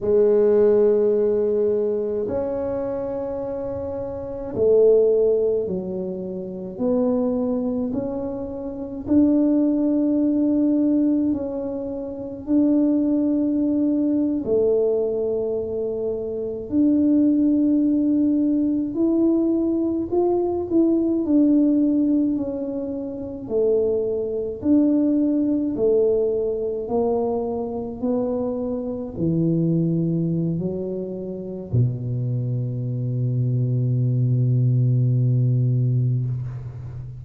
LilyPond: \new Staff \with { instrumentName = "tuba" } { \time 4/4 \tempo 4 = 53 gis2 cis'2 | a4 fis4 b4 cis'4 | d'2 cis'4 d'4~ | d'8. a2 d'4~ d'16~ |
d'8. e'4 f'8 e'8 d'4 cis'16~ | cis'8. a4 d'4 a4 ais16~ | ais8. b4 e4~ e16 fis4 | b,1 | }